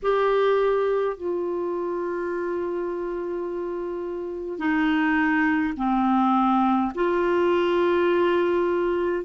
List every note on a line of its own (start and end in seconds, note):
0.02 1.16 G4
1.16 4.58 F4
4.58 5.74 D#4
5.76 6.92 C4
6.94 9.24 F4